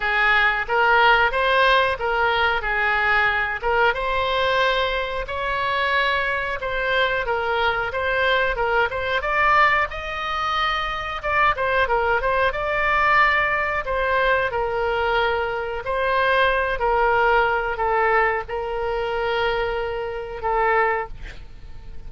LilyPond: \new Staff \with { instrumentName = "oboe" } { \time 4/4 \tempo 4 = 91 gis'4 ais'4 c''4 ais'4 | gis'4. ais'8 c''2 | cis''2 c''4 ais'4 | c''4 ais'8 c''8 d''4 dis''4~ |
dis''4 d''8 c''8 ais'8 c''8 d''4~ | d''4 c''4 ais'2 | c''4. ais'4. a'4 | ais'2. a'4 | }